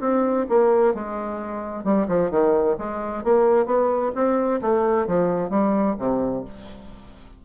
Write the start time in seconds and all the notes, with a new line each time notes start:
0.00 C4
0.49 A#3
0.94 G#3
1.84 G3
2.08 F3
2.30 D#3
2.78 G#3
3.23 A#3
3.66 B3
4.15 C4
4.61 A3
5.07 F3
5.50 G3
5.98 C3